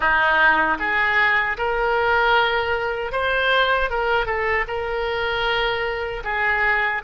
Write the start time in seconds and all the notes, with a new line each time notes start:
0.00 D#4
0.79 G#4
1.57 A#4
3.12 C5
3.90 A#4
4.25 A4
4.67 A#4
6.24 G#4